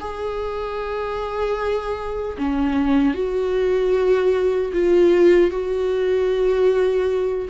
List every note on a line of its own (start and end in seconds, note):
0.00 2.37 G#4
2.38 3.14 C#4
3.14 4.72 F#4
4.73 5.50 F4
5.50 7.48 F#4